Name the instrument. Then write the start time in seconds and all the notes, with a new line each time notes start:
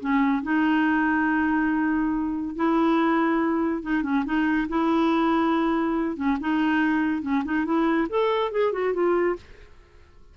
clarinet
0.00 C#4
0.43 D#4
2.56 E4
3.82 D#4
4.03 C#4
4.25 D#4
4.69 E4
6.16 C#4
6.40 D#4
7.22 C#4
7.45 D#4
7.65 E4
8.09 A4
8.52 G#4
8.72 F#4
8.93 F4